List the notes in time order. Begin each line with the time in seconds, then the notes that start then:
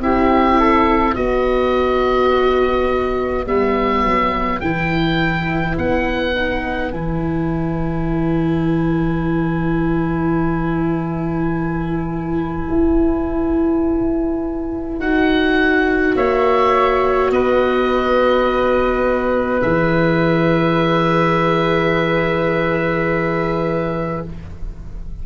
0.00 C4 E4 G4 E5
0.59 A4
1.15 B3 F#4 B4 D#5
3.46 G3 B3 E5
4.03 F#3
4.60 E3 E4 G5
5.77 B3 F#5
6.34 D#4
6.92 E3 E4 G#5
12.70 E4
14.99 D#4 F#4 F#5
16.16 A#3 C#5 E5
17.31 B3 B4 D#5
19.62 E3 G#4 E5